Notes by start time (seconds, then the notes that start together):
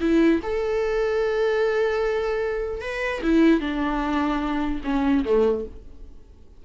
0.00 E4
0.42 A4
2.81 B4
3.22 E4
3.60 D4
4.84 C#4
5.24 A3